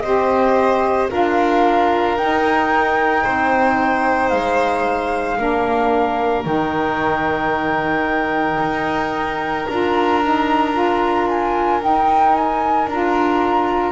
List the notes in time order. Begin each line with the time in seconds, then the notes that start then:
0.00 C4 G4 C5 D#5
1.09 D4 F4 A#4 F5
2.17 D#4 G5
3.24 C4 C5
4.29 G#3 F5
5.37 A#3 D4 A#4
6.44 D#3 D#4 G5
8.60 D#4
9.67 D4 F4 A#5
10.23 D#4
10.73 F4
11.28 G#5
11.82 D#4 G5
12.35 G#5
12.87 D4 F4 A#5